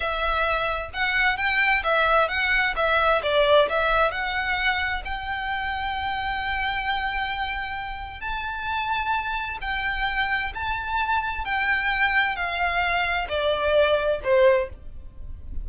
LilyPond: \new Staff \with { instrumentName = "violin" } { \time 4/4 \tempo 4 = 131 e''2 fis''4 g''4 | e''4 fis''4 e''4 d''4 | e''4 fis''2 g''4~ | g''1~ |
g''2 a''2~ | a''4 g''2 a''4~ | a''4 g''2 f''4~ | f''4 d''2 c''4 | }